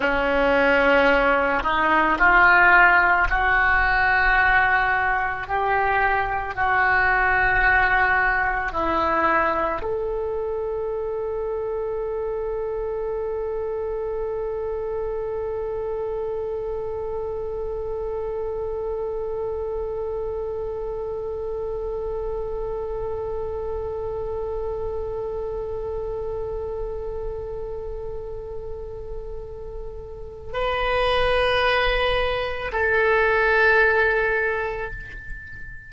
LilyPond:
\new Staff \with { instrumentName = "oboe" } { \time 4/4 \tempo 4 = 55 cis'4. dis'8 f'4 fis'4~ | fis'4 g'4 fis'2 | e'4 a'2.~ | a'1~ |
a'1~ | a'1~ | a'1 | b'2 a'2 | }